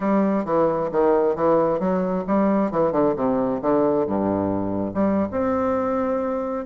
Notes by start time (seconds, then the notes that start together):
0.00 G3
0.44 E3
0.91 D#3
1.35 E3
1.79 F#3
2.27 G3
2.71 E3
2.92 D3
3.16 C3
3.61 D3
4.06 G2
4.94 G3
5.31 C4